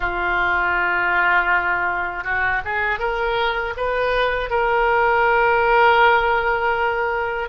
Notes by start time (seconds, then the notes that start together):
0.00 F4
2.24 F#4
2.64 G#4
2.99 A#4
3.76 B4
4.50 A#4